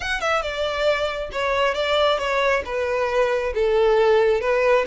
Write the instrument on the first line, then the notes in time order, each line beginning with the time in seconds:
violin
0.00 F#5
0.20 E5
0.42 D5
1.32 C#5
1.74 D5
2.18 C#5
2.65 B4
3.54 A4
4.41 B4